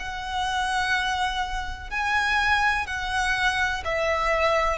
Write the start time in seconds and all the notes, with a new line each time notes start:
0.00 F#5
1.91 G#5
2.87 F#5
3.85 E5